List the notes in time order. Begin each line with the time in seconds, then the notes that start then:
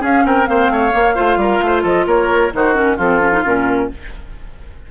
0.00 C#4 G#4 F5
0.25 C4 A#4 G5
0.45 A#3 C4 C5 F5
0.70 A3 C#5
0.91 A#3
1.15 A3 F4 C5
1.37 G3 A#4
1.62 A3 C5
1.83 F3 A4 D#5
2.06 A#3 A#4 C#5
2.54 D#3 D#4 F#4 C5
2.74 C#4 A#4
2.97 F3 C4 F4 A4
3.20 C#4
3.32 D#4
3.45 A#2 C#4 A#4